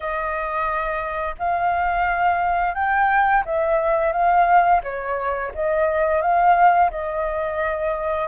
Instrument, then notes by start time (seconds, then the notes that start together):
flute
0.00 D#5
1.38 F5
2.74 G5
3.45 E5
4.12 F5
4.83 C#5
5.54 D#5
6.21 F5
6.91 D#5